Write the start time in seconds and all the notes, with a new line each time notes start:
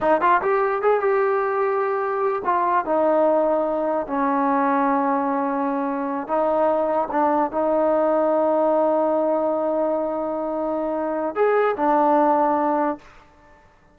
0.00 D#4
0.21 F4
0.41 G4
0.82 G#4
1.00 G4
2.45 F4
2.85 D#4
4.07 C#4
6.27 D#4
7.11 D4
7.51 D#4
11.35 G#4
11.76 D4